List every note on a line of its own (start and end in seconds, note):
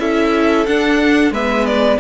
0.00 0.67 C#4
0.00 0.67 E4
0.00 1.33 A4
0.00 0.66 E5
0.66 1.34 D4
0.66 1.31 D4
0.66 1.33 F#5
1.31 1.98 G#3
1.31 2.01 B3
1.31 2.00 B4
1.31 1.67 E5
1.67 2.00 D5